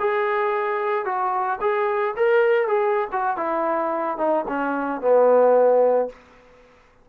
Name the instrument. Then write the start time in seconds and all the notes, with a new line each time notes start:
trombone
0.00 G#4
1.06 F#4
1.61 G#4
2.17 A#4
2.68 G#4
3.13 F#4
3.37 E4
4.18 D#4
4.48 C#4
5.01 B3